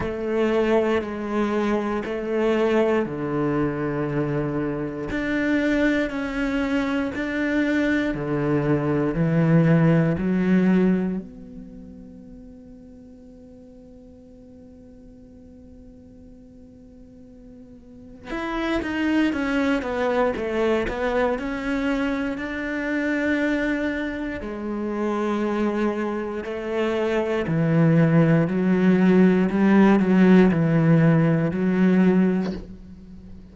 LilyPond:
\new Staff \with { instrumentName = "cello" } { \time 4/4 \tempo 4 = 59 a4 gis4 a4 d4~ | d4 d'4 cis'4 d'4 | d4 e4 fis4 b4~ | b1~ |
b2 e'8 dis'8 cis'8 b8 | a8 b8 cis'4 d'2 | gis2 a4 e4 | fis4 g8 fis8 e4 fis4 | }